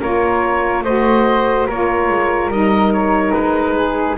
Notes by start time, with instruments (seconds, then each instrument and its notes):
0.00 double bass A#3, saxophone F4, flute A#4, oboe C#5
0.84 double bass A3, saxophone F#4, flute C5, oboe D#5
1.67 double bass A#3, saxophone F4, flute A#4, oboe C#5
2.09 double bass G#3
2.48 double bass G3, saxophone D#4, oboe D#5
2.93 oboe C#5
3.33 double bass G#3, oboe B4
3.76 flute G#4